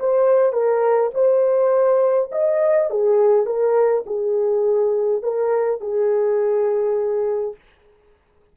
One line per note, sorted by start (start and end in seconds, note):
0.00 0.53 C5
0.53 1.11 A#4
1.15 2.31 C5
2.32 2.90 D#5
2.90 3.46 G#4
3.46 4.05 A#4
4.07 5.23 G#4
5.23 5.81 A#4
5.81 7.56 G#4